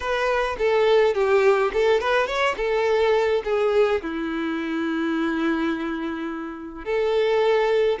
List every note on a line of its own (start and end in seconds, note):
0.00 0.56 B4
0.58 1.14 A4
1.14 1.71 G4
1.73 2.00 A4
2.00 2.26 B4
2.26 2.55 C#5
2.56 3.42 A4
3.44 4.01 G#4
4.02 6.84 E4
6.84 7.98 A4